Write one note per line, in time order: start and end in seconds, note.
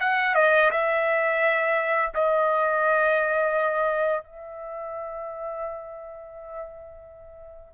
0.00 0.35 F#5
0.35 0.70 D#5
0.71 2.12 E5
2.15 4.24 D#5
4.24 7.74 E5